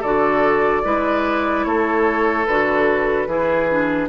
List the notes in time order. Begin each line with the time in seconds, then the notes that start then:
0.00 D3 F#4 A4 D5
0.83 G#3 E4 B4
1.64 A3 A4 C#5
2.46 D3 F#4 B4
3.27 E3 E4 G#4
3.70 D4